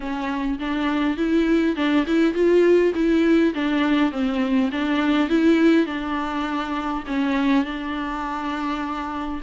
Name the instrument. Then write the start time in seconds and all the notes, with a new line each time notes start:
viola
0.00 C#4
0.59 D4
1.17 E4
1.76 D4
2.06 E4
2.34 F4
2.94 E4
3.54 D4
4.11 C4
4.71 D4
5.29 E4
5.86 D4
7.06 C#4
7.64 D4